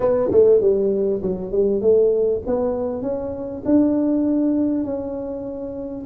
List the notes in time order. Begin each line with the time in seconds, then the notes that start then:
0.00 B3
0.31 A3
0.61 G3
1.21 F#3
1.51 G3
1.81 A3
2.46 B3
3.02 C#4
3.65 D4
4.84 C#4